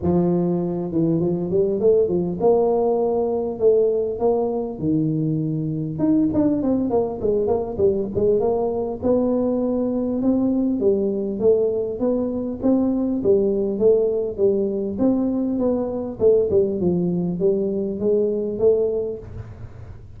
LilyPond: \new Staff \with { instrumentName = "tuba" } { \time 4/4 \tempo 4 = 100 f4. e8 f8 g8 a8 f8 | ais2 a4 ais4 | dis2 dis'8 d'8 c'8 ais8 | gis8 ais8 g8 gis8 ais4 b4~ |
b4 c'4 g4 a4 | b4 c'4 g4 a4 | g4 c'4 b4 a8 g8 | f4 g4 gis4 a4 | }